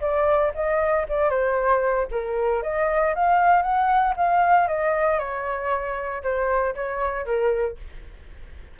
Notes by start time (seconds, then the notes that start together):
0.00 D5
0.54 D#5
1.08 D5
1.29 C5
2.11 A#4
2.62 D#5
3.15 F5
3.62 F#5
4.16 F5
4.67 D#5
5.19 C#5
6.23 C5
6.75 C#5
7.25 A#4